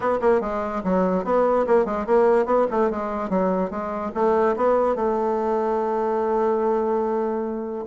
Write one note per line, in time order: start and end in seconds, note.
0.00 0.18 B3
0.21 0.40 A#3
0.40 0.82 G#3
0.84 1.24 F#3
1.24 1.66 B3
1.66 1.85 A#3
1.85 2.06 G#3
2.06 2.45 A#3
2.45 2.66 B3
2.70 2.90 A3
2.90 3.29 G#3
3.29 3.70 F#3
3.70 4.11 G#3
4.14 4.55 A3
4.56 4.95 B3
4.95 7.85 A3